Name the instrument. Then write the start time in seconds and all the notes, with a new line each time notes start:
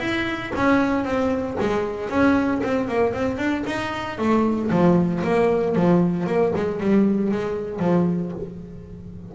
double bass
0.00 E4
0.56 C#4
1.05 C4
1.61 G#3
2.09 C#4
2.63 C4
2.88 A#3
3.14 C4
3.38 D4
3.67 D#4
4.18 A3
4.71 F3
5.24 A#3
5.75 F3
6.27 A#3
6.55 G#3
6.80 G3
7.32 G#3
7.80 F3